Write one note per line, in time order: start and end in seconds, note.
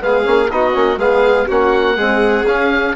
0.00 0.26 G#3
0.00 0.23 B3
0.00 0.52 G#4
0.00 0.51 F5
0.23 0.50 A#3
0.23 0.48 C#4
0.51 0.75 B3
0.51 0.73 D#4
0.51 0.99 F#4
0.51 0.99 D#5
0.73 0.97 A#3
0.73 0.97 C#4
0.97 1.46 G#3
0.97 1.48 B3
0.97 1.47 G#4
0.97 1.48 F5
1.47 1.99 A#3
1.47 1.95 C#4
1.47 1.96 F#4
1.47 2.46 F#5
1.95 2.45 G#3
1.95 2.45 C4
1.95 2.94 G#4
2.45 2.95 C#4
2.45 2.96 C#4
2.45 2.96 F5